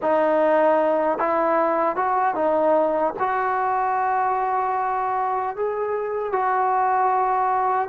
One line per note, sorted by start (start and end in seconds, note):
0.01 1.18 D#4
1.18 1.96 E4
1.96 2.34 F#4
2.34 3.13 D#4
3.19 5.56 F#4
5.56 6.32 G#4
6.32 7.88 F#4